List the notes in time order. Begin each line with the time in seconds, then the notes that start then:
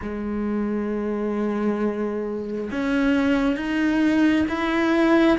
0.02 G#3
2.71 C#4
3.56 D#4
4.48 E4